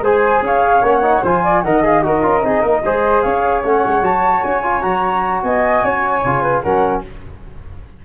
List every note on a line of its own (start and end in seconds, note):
0.00 0.40 G#3
0.00 0.83 G#4
0.00 0.43 C5
0.00 0.45 G#5
0.40 0.80 C#4
0.40 1.23 C#5
0.40 0.84 F5
0.81 1.21 A#3
0.81 1.02 C#4
0.81 1.24 F#5
1.02 1.22 D#4
1.23 1.63 F3
1.23 1.64 F4
1.23 1.43 C5
1.23 1.62 G#5
1.43 1.63 D5
1.62 2.03 D#3
1.62 1.83 A#4
1.62 2.04 D#5
1.62 1.82 F#5
1.83 2.02 G#4
1.83 2.02 F5
2.02 2.23 D#4
2.02 2.22 F#4
2.02 2.45 A#4
2.02 3.21 D#5
2.22 2.43 C#4
2.22 2.42 F4
2.43 2.62 C4
2.43 2.83 D#4
2.43 2.61 G#4
2.61 2.82 A#3
2.61 2.81 A#4
2.83 3.23 G#3
2.83 3.64 G#4
2.83 3.23 C5
3.21 3.63 C#4
3.21 5.43 C#5
3.21 3.61 F5
3.63 3.83 A3
3.63 4.02 C#4
3.63 4.04 F#5
3.85 4.01 G#3
4.01 4.41 F#3
4.01 4.62 F#4
4.01 4.43 A5
4.43 4.83 C#4
4.43 4.81 G#5
4.63 4.81 F4
4.81 5.43 F#3
4.81 6.21 F#4
4.81 5.41 A#5
5.43 5.83 B3
5.43 5.84 D#5
5.43 6.61 G#5
5.83 6.23 C#4
5.83 6.42 C#5
6.24 6.64 C#3
6.24 6.64 F4
6.42 6.62 B4
6.61 7.05 F#3
6.61 7.04 C#4
6.61 7.03 A#4
6.61 7.01 F#5